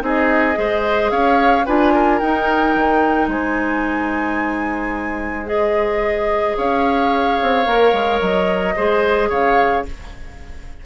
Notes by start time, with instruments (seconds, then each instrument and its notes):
0.00 bassoon C4, clarinet D#4, oboe G#4, flute D#5
0.54 bassoon G#3, clarinet G#4, oboe C5
1.11 bassoon C#4, oboe C#5, flute F5
1.66 bassoon D4, clarinet F4, oboe B4, flute G#5
1.94 oboe A#4
2.19 bassoon D#4, clarinet D#4, flute G5
2.75 bassoon D#3
3.27 bassoon G#3, oboe C5, flute G#5
5.46 clarinet G#4, flute D#5
6.57 bassoon C#4, oboe C#5, flute F5
7.42 bassoon C4
7.66 bassoon A#3, clarinet A#4
7.93 bassoon G#3
8.20 bassoon F#3, flute D#5
8.76 bassoon G#3, clarinet G#4, oboe C5
9.29 bassoon C#3, oboe C#5, flute F5